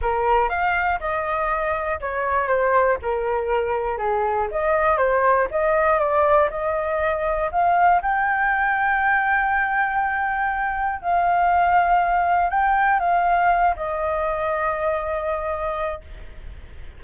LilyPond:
\new Staff \with { instrumentName = "flute" } { \time 4/4 \tempo 4 = 120 ais'4 f''4 dis''2 | cis''4 c''4 ais'2 | gis'4 dis''4 c''4 dis''4 | d''4 dis''2 f''4 |
g''1~ | g''2 f''2~ | f''4 g''4 f''4. dis''8~ | dis''1 | }